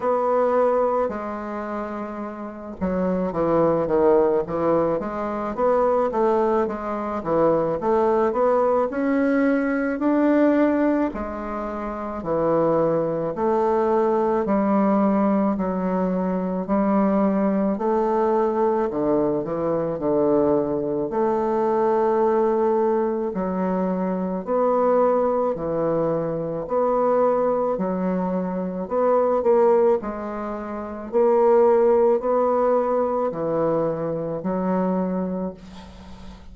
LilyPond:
\new Staff \with { instrumentName = "bassoon" } { \time 4/4 \tempo 4 = 54 b4 gis4. fis8 e8 dis8 | e8 gis8 b8 a8 gis8 e8 a8 b8 | cis'4 d'4 gis4 e4 | a4 g4 fis4 g4 |
a4 d8 e8 d4 a4~ | a4 fis4 b4 e4 | b4 fis4 b8 ais8 gis4 | ais4 b4 e4 fis4 | }